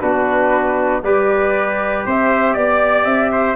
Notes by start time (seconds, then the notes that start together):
0.00 B3 D4 F#4 B4
1.03 G3 G4 B4 D5
2.06 C4 C5 E5
2.54 B3 D5
3.05 C4 E5
3.32 C5